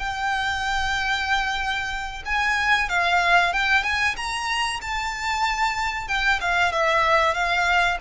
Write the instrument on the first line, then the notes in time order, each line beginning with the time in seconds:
violin
0.00 G5
2.26 G#5
2.90 F5
3.53 G5
3.84 G#5
4.17 A#5
4.82 A5
6.08 G5
6.41 F5
6.73 E5
7.35 F5